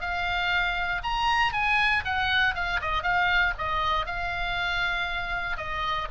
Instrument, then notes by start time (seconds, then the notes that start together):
oboe
0.00 F5
1.03 A#5
1.52 G#5
2.04 F#5
2.54 F5
2.81 D#5
3.03 F5
3.58 D#5
4.06 F5
5.57 D#5